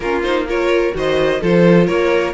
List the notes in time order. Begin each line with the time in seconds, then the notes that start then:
0.00 A#3 C#4 F4 A#4
0.22 D#4 C5
0.47 F4 A#4 C#5
0.93 D#3 F#4 C5 D#5
1.41 F3 F4 A4 C5
1.86 A#3 A#4 C#5